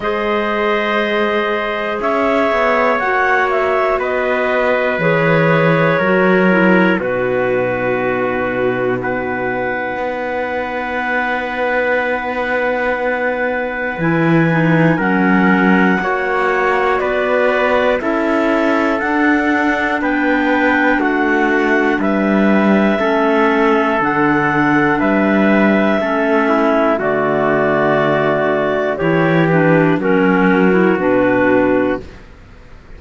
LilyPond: <<
  \new Staff \with { instrumentName = "clarinet" } { \time 4/4 \tempo 4 = 60 dis''2 e''4 fis''8 e''8 | dis''4 cis''2 b'4~ | b'4 fis''2.~ | fis''2 gis''4 fis''4~ |
fis''4 d''4 e''4 fis''4 | g''4 fis''4 e''2 | fis''4 e''2 d''4~ | d''4 cis''8 b'8 ais'4 b'4 | }
  \new Staff \with { instrumentName = "trumpet" } { \time 4/4 c''2 cis''2 | b'2 ais'4 fis'4~ | fis'4 b'2.~ | b'2. ais'4 |
cis''4 b'4 a'2 | b'4 fis'4 b'4 a'4~ | a'4 b'4 a'8 e'8 fis'4~ | fis'4 g'4 fis'2 | }
  \new Staff \with { instrumentName = "clarinet" } { \time 4/4 gis'2. fis'4~ | fis'4 gis'4 fis'8 e'8 dis'4~ | dis'1~ | dis'2 e'8 dis'8 cis'4 |
fis'2 e'4 d'4~ | d'2. cis'4 | d'2 cis'4 a4~ | a4 e'8 d'8 cis'8. e'16 d'4 | }
  \new Staff \with { instrumentName = "cello" } { \time 4/4 gis2 cis'8 b8 ais4 | b4 e4 fis4 b,4~ | b,2 b2~ | b2 e4 fis4 |
ais4 b4 cis'4 d'4 | b4 a4 g4 a4 | d4 g4 a4 d4~ | d4 e4 fis4 b,4 | }
>>